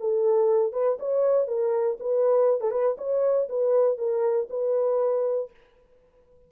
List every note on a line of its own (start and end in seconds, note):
0.00 0.73 A4
0.73 0.98 B4
1.00 1.48 C#5
1.48 1.98 A#4
2.00 2.61 B4
2.61 2.71 A4
2.71 2.96 B4
2.98 3.48 C#5
3.49 3.98 B4
3.98 4.48 A#4
4.50 5.51 B4